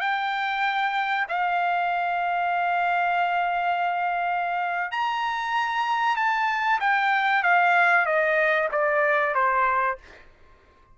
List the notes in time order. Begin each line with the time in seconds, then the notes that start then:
0.00 G5
1.28 F5
4.91 A#5
6.16 A5
6.80 G5
7.43 F5
8.06 D#5
8.72 D5
9.34 C5